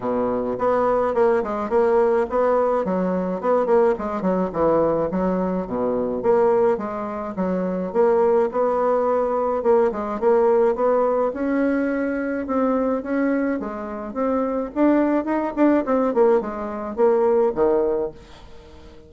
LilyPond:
\new Staff \with { instrumentName = "bassoon" } { \time 4/4 \tempo 4 = 106 b,4 b4 ais8 gis8 ais4 | b4 fis4 b8 ais8 gis8 fis8 | e4 fis4 b,4 ais4 | gis4 fis4 ais4 b4~ |
b4 ais8 gis8 ais4 b4 | cis'2 c'4 cis'4 | gis4 c'4 d'4 dis'8 d'8 | c'8 ais8 gis4 ais4 dis4 | }